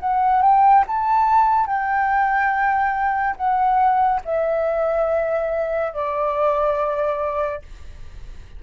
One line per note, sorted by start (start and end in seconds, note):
0.00 0.42 F#5
0.42 0.85 G5
0.88 1.67 A5
1.67 3.36 G5
3.36 4.21 F#5
4.25 5.93 E5
5.93 7.62 D5